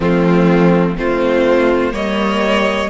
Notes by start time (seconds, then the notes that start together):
0.00 F3 A3 C4 F4
0.96 A3 C4 F4 C5
1.92 G3 A#3 C#5 D#5